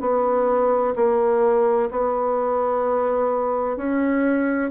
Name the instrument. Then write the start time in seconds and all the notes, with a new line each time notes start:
bassoon
0.00 B3
0.95 A#3
1.90 B3
3.77 C#4